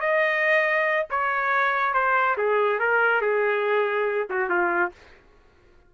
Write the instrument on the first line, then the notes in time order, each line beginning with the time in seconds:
trumpet
0.00 D#5
1.10 C#5
1.94 C5
2.37 G#4
2.79 A#4
3.21 G#4
4.29 F#4
4.49 F4